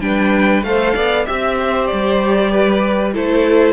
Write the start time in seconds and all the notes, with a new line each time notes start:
0.00 G3 D4 B4 G5
0.62 A3 A4 C5 F5
0.94 B3 D5
1.25 C4 G4 E5
1.60 C5
1.86 G3 D5
2.51 B4
3.13 A3 E4 A4 C5